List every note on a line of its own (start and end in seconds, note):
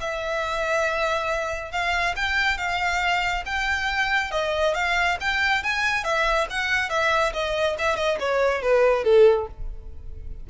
0.00 1.71 E5
1.71 2.14 F5
2.16 2.57 G5
2.57 3.43 F5
3.45 4.31 G5
4.31 4.74 D#5
4.74 5.17 F5
5.20 5.63 G5
5.63 6.04 G#5
6.04 6.47 E5
6.50 6.89 F#5
6.89 7.32 E5
7.33 7.76 D#5
7.78 7.96 E5
7.96 8.17 D#5
8.19 8.62 C#5
8.62 9.04 B4
9.04 9.47 A4